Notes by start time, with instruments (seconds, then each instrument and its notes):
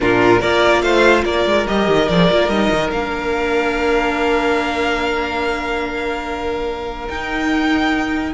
0.00 cello A#2, viola D4, violin F4 A#4
0.39 cello A#3, viola F4, violin A#4 D5
0.82 cello A3, violin C5 F5
1.24 cello A#3, violin A#4 D5
1.45 cello G#3
1.66 cello G3, viola G4, violin D#5
1.88 cello D#3
2.08 cello F3, viola G#4, violin D5
2.30 cello A#3, viola F4
2.48 cello G3, viola D#4, violin D#5
2.70 cello D#3
2.91 cello A#3, viola D4, violin F5
7.08 cello D#4, viola D#4, violin G5